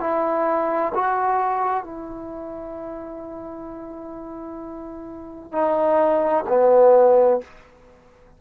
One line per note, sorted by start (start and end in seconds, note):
0.00 0.92 E4
0.94 1.84 F#4
1.84 5.52 E4
5.52 6.44 D#4
6.48 7.41 B3